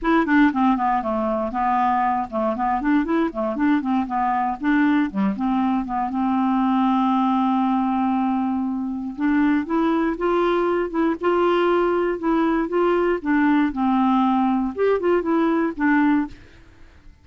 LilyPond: \new Staff \with { instrumentName = "clarinet" } { \time 4/4 \tempo 4 = 118 e'8 d'8 c'8 b8 a4 b4~ | b8 a8 b8 d'8 e'8 a8 d'8 c'8 | b4 d'4 g8 c'4 b8 | c'1~ |
c'2 d'4 e'4 | f'4. e'8 f'2 | e'4 f'4 d'4 c'4~ | c'4 g'8 f'8 e'4 d'4 | }